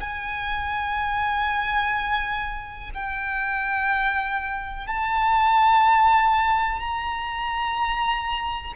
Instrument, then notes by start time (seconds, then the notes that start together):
violin
0.00 G#5
2.94 G5
4.87 A5
6.80 A#5